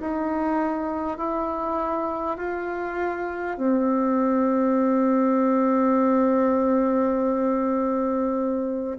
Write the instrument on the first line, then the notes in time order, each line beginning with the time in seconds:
bassoon
0.00 D#4
1.18 E4
2.37 F4
3.57 C4